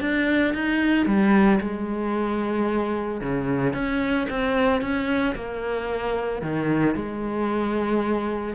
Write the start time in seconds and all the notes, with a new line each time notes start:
0.00 D4
0.54 D#4
1.06 G3
1.60 G#3
3.20 C#3
3.73 C#4
4.29 C4
4.81 C#4
5.34 A#3
6.41 D#3
6.95 G#3